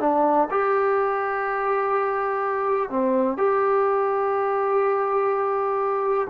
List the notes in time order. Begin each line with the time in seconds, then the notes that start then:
0.00 D4
0.51 G4
2.90 C4
3.38 G4